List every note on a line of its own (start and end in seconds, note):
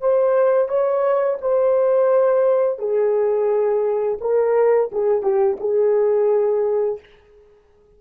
0.00 0.68 C5
0.68 1.38 C#5
1.41 2.78 C5
2.78 4.18 G#4
4.20 4.90 A#4
4.92 5.22 G#4
5.22 5.57 G4
5.60 6.99 G#4